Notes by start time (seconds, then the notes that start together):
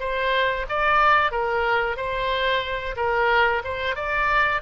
0.00 C5
0.69 D5
1.31 A#4
1.97 C5
2.96 A#4
3.64 C5
3.96 D5